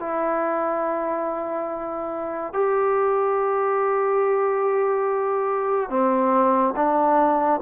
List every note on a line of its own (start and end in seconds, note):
0.00 2.54 E4
2.54 5.90 G4
5.90 6.75 C4
6.76 7.61 D4